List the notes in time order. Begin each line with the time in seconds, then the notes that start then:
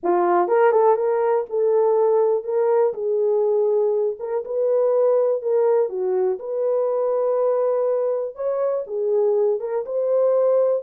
0.03 F4
0.47 A#4
0.71 A4
0.96 A#4
1.49 A4
2.43 A#4
2.93 G#4
4.19 A#4
4.45 B4
5.41 A#4
5.89 F#4
6.39 B4
8.35 C#5
8.86 G#4
9.60 A#4
9.85 C5